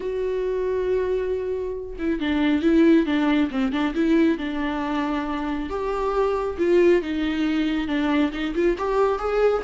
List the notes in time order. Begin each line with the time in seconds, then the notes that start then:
0.00 F#4
1.98 E4
2.19 D4
2.62 E4
3.06 D4
3.51 C4
3.72 D4
3.94 E4
4.38 D4
5.69 G4
6.58 F4
7.02 D#4
7.87 D4
8.32 D#4
8.54 F4
8.78 G4
9.18 G#4